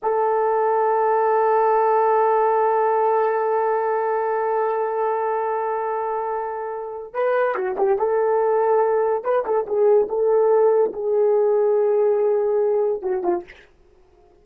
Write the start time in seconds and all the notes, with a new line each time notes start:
0.02 A4
7.13 B4
7.55 F#4
7.77 G4
7.98 A4
9.24 B4
9.45 A4
9.66 G#4
10.08 A4
10.92 G#4
13.02 F#4
13.23 F4